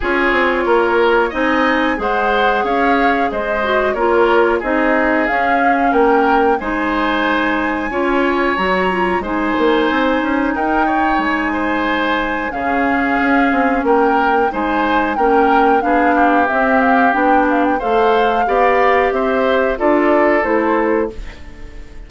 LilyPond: <<
  \new Staff \with { instrumentName = "flute" } { \time 4/4 \tempo 4 = 91 cis''2 gis''4 fis''4 | f''4 dis''4 cis''4 dis''4 | f''4 g''4 gis''2~ | gis''4 ais''4 gis''2 |
g''4 gis''2 f''4~ | f''4 g''4 gis''4 g''4 | f''4 e''8 f''8 g''8 f''16 g''16 f''4~ | f''4 e''4 d''4 c''4 | }
  \new Staff \with { instrumentName = "oboe" } { \time 4/4 gis'4 ais'4 dis''4 c''4 | cis''4 c''4 ais'4 gis'4~ | gis'4 ais'4 c''2 | cis''2 c''2 |
ais'8 cis''4 c''4. gis'4~ | gis'4 ais'4 c''4 ais'4 | gis'8 g'2~ g'8 c''4 | d''4 c''4 a'2 | }
  \new Staff \with { instrumentName = "clarinet" } { \time 4/4 f'2 dis'4 gis'4~ | gis'4. fis'8 f'4 dis'4 | cis'2 dis'2 | f'4 fis'8 f'8 dis'2~ |
dis'2. cis'4~ | cis'2 dis'4 cis'4 | d'4 c'4 d'4 a'4 | g'2 f'4 e'4 | }
  \new Staff \with { instrumentName = "bassoon" } { \time 4/4 cis'8 c'8 ais4 c'4 gis4 | cis'4 gis4 ais4 c'4 | cis'4 ais4 gis2 | cis'4 fis4 gis8 ais8 c'8 cis'8 |
dis'4 gis2 cis4 | cis'8 c'8 ais4 gis4 ais4 | b4 c'4 b4 a4 | b4 c'4 d'4 a4 | }
>>